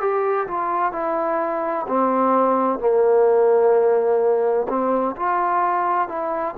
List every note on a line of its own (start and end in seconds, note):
0.00 0.47 G4
0.47 0.92 F4
0.92 1.86 E4
1.87 2.79 C4
2.79 4.67 A#3
4.68 5.15 C4
5.16 6.08 F4
6.08 6.55 E4